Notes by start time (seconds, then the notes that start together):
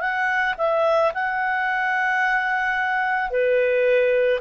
0.00 F#5
0.58 E5
1.14 F#5
3.31 B4